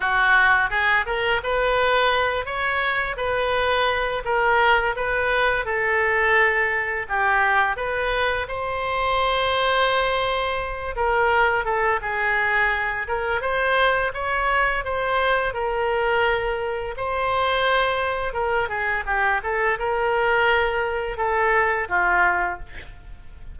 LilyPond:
\new Staff \with { instrumentName = "oboe" } { \time 4/4 \tempo 4 = 85 fis'4 gis'8 ais'8 b'4. cis''8~ | cis''8 b'4. ais'4 b'4 | a'2 g'4 b'4 | c''2.~ c''8 ais'8~ |
ais'8 a'8 gis'4. ais'8 c''4 | cis''4 c''4 ais'2 | c''2 ais'8 gis'8 g'8 a'8 | ais'2 a'4 f'4 | }